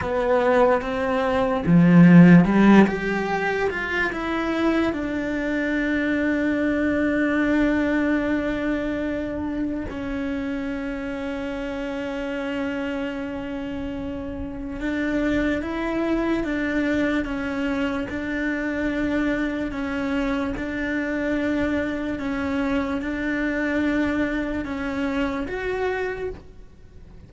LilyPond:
\new Staff \with { instrumentName = "cello" } { \time 4/4 \tempo 4 = 73 b4 c'4 f4 g8 g'8~ | g'8 f'8 e'4 d'2~ | d'1 | cis'1~ |
cis'2 d'4 e'4 | d'4 cis'4 d'2 | cis'4 d'2 cis'4 | d'2 cis'4 fis'4 | }